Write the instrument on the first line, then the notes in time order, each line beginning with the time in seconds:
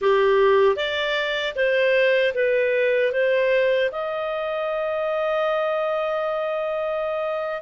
clarinet
0.01 G4
0.76 D5
1.55 C5
2.34 B4
3.12 C5
3.91 D#5